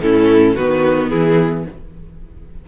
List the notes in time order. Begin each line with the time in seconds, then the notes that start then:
0.00 A2 C#4 E4 A4
0.55 D#3 B3 F#4 B4
1.09 E3 E4 G#4